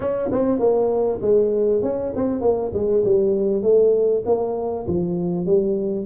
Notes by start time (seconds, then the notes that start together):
0.00 C#4
0.31 C4
0.59 A#3
1.21 G#3
1.82 C#4
2.15 C4
2.41 A#3
2.73 G#3
3.04 G3
3.62 A3
4.25 A#3
4.87 F3
5.46 G3